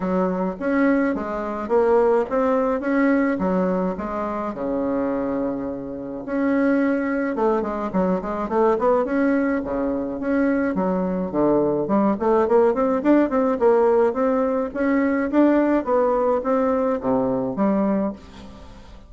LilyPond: \new Staff \with { instrumentName = "bassoon" } { \time 4/4 \tempo 4 = 106 fis4 cis'4 gis4 ais4 | c'4 cis'4 fis4 gis4 | cis2. cis'4~ | cis'4 a8 gis8 fis8 gis8 a8 b8 |
cis'4 cis4 cis'4 fis4 | d4 g8 a8 ais8 c'8 d'8 c'8 | ais4 c'4 cis'4 d'4 | b4 c'4 c4 g4 | }